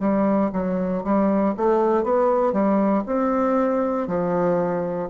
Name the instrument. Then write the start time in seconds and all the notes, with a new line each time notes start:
bassoon
0.00 G3
0.53 F#3
1.04 G3
1.58 A3
2.04 B3
2.53 G3
3.06 C4
4.08 F3